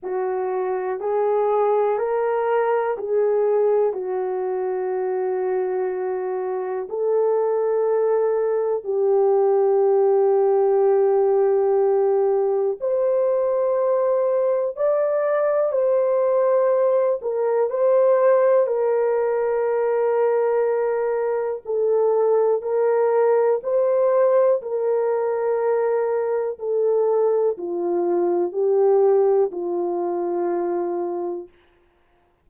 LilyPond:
\new Staff \with { instrumentName = "horn" } { \time 4/4 \tempo 4 = 61 fis'4 gis'4 ais'4 gis'4 | fis'2. a'4~ | a'4 g'2.~ | g'4 c''2 d''4 |
c''4. ais'8 c''4 ais'4~ | ais'2 a'4 ais'4 | c''4 ais'2 a'4 | f'4 g'4 f'2 | }